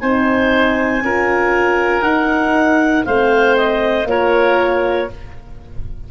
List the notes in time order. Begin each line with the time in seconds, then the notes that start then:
0.00 C4 D#4 C5 G#5
1.02 C#4 F4 A#4
2.01 D#4 F#5
3.05 A3 C4 C5 F5
3.57 D#5
4.04 A#3 F4 A#4 C#5